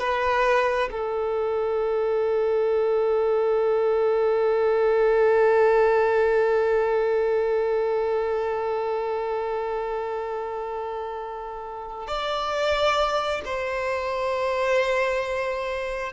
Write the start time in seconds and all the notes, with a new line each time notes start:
0.00 B4
0.92 A4
12.08 D5
13.46 C5